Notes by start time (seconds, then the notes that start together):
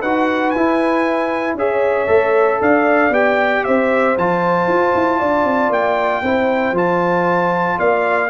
0.00 D#4 F#4 B4 F#5
0.50 E4 G#5
1.54 C#4 G#4 C#5 E5
2.07 A3 A4
2.61 D4 D5 F5
3.09 B3 G4 G5
3.64 C4 C5 E5
4.17 F3 F4 A5
4.67 F4
4.95 E4
5.19 D4 D5
5.44 C4
5.70 A#3 G5
6.22 C4 E4 C5
6.71 F3 F4 A5
7.78 A#3 D5 F5